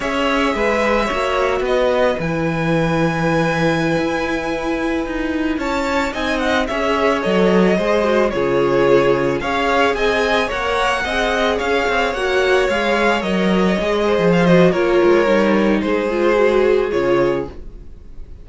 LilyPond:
<<
  \new Staff \with { instrumentName = "violin" } { \time 4/4 \tempo 4 = 110 e''2. dis''4 | gis''1~ | gis''2~ gis''16 a''4 gis''8 fis''16~ | fis''16 e''4 dis''2 cis''8.~ |
cis''4~ cis''16 f''4 gis''4 fis''8.~ | fis''4~ fis''16 f''4 fis''4 f''8.~ | f''16 dis''2 f''16 dis''8 cis''4~ | cis''4 c''2 cis''4 | }
  \new Staff \with { instrumentName = "violin" } { \time 4/4 cis''4 b'4 cis''4 b'4~ | b'1~ | b'2~ b'16 cis''4 dis''8.~ | dis''16 cis''2 c''4 gis'8.~ |
gis'4~ gis'16 cis''4 dis''4 cis''8.~ | cis''16 dis''4 cis''2~ cis''8.~ | cis''4.~ cis''16 c''4~ c''16 ais'4~ | ais'4 gis'2. | }
  \new Staff \with { instrumentName = "viola" } { \time 4/4 gis'2 fis'2 | e'1~ | e'2.~ e'16 dis'8.~ | dis'16 gis'4 a'4 gis'8 fis'8 f'8.~ |
f'4~ f'16 gis'2 ais'8.~ | ais'16 gis'2 fis'4 gis'8.~ | gis'16 ais'4 gis'4~ gis'16 fis'8 f'4 | dis'4. f'8 fis'4 f'4 | }
  \new Staff \with { instrumentName = "cello" } { \time 4/4 cis'4 gis4 ais4 b4 | e2.~ e16 e'8.~ | e'4~ e'16 dis'4 cis'4 c'8.~ | c'16 cis'4 fis4 gis4 cis8.~ |
cis4~ cis16 cis'4 c'4 ais8.~ | ais16 c'4 cis'8 c'8 ais4 gis8.~ | gis16 fis4 gis8. f4 ais8 gis8 | g4 gis2 cis4 | }
>>